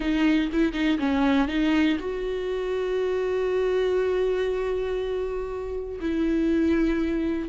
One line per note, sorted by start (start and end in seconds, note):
0.00 0.50 D#4
0.52 0.72 E4
0.72 0.97 D#4
0.98 1.48 C#4
1.48 1.98 D#4
1.99 5.99 F#4
6.00 7.49 E4